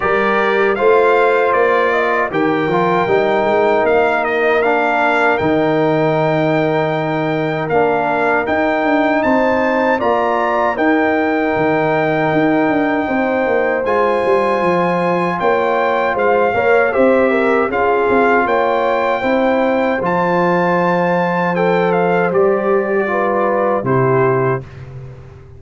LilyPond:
<<
  \new Staff \with { instrumentName = "trumpet" } { \time 4/4 \tempo 4 = 78 d''4 f''4 d''4 g''4~ | g''4 f''8 dis''8 f''4 g''4~ | g''2 f''4 g''4 | a''4 ais''4 g''2~ |
g''2 gis''2 | g''4 f''4 e''4 f''4 | g''2 a''2 | g''8 f''8 d''2 c''4 | }
  \new Staff \with { instrumentName = "horn" } { \time 4/4 ais'4 c''4. dis''8 ais'4~ | ais'1~ | ais'1 | c''4 d''4 ais'2~ |
ais'4 c''2. | cis''4 c''8 cis''8 c''8 ais'8 gis'4 | cis''4 c''2.~ | c''2 b'4 g'4 | }
  \new Staff \with { instrumentName = "trombone" } { \time 4/4 g'4 f'2 g'8 f'8 | dis'2 d'4 dis'4~ | dis'2 d'4 dis'4~ | dis'4 f'4 dis'2~ |
dis'2 f'2~ | f'4. ais'8 g'4 f'4~ | f'4 e'4 f'2 | a'4 g'4 f'4 e'4 | }
  \new Staff \with { instrumentName = "tuba" } { \time 4/4 g4 a4 ais4 dis8 f8 | g8 gis8 ais2 dis4~ | dis2 ais4 dis'8 d'8 | c'4 ais4 dis'4 dis4 |
dis'8 d'8 c'8 ais8 gis8 g8 f4 | ais4 gis8 ais8 c'4 cis'8 c'8 | ais4 c'4 f2~ | f4 g2 c4 | }
>>